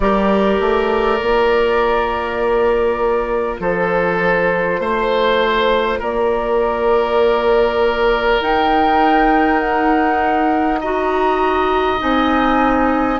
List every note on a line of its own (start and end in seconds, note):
0.00 0.59 G3
0.00 1.18 G4
0.00 3.60 A#4
0.00 3.56 D5
0.59 1.20 A3
1.18 3.59 A#3
1.18 8.38 F4
3.59 4.79 F3
3.59 4.80 A4
3.59 6.01 C5
4.79 5.99 A3
4.79 5.99 C5
5.99 8.39 A#3
5.99 10.79 A#4
5.99 8.41 D5
8.39 12.00 D#4
8.39 10.80 D#4
8.39 9.59 G5
9.59 10.79 F#5
10.80 11.97 F#4
10.80 13.20 D#5
10.80 12.00 A#5
11.97 13.20 C4
11.97 13.18 D#4
11.97 13.20 G#5